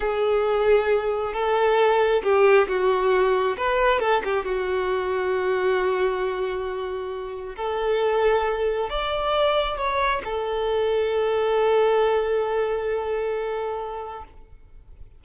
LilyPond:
\new Staff \with { instrumentName = "violin" } { \time 4/4 \tempo 4 = 135 gis'2. a'4~ | a'4 g'4 fis'2 | b'4 a'8 g'8 fis'2~ | fis'1~ |
fis'4 a'2. | d''2 cis''4 a'4~ | a'1~ | a'1 | }